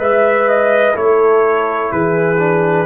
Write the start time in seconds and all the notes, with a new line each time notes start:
0.00 G#3 B4 E5
0.49 D#5
0.94 A3 E4 A4 C#5
1.92 E3 G#4 B4
2.39 D4